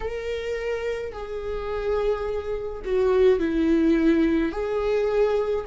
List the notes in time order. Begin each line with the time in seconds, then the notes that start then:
0.00 A#4
1.12 G#4
2.85 F#4
3.39 E4
4.52 G#4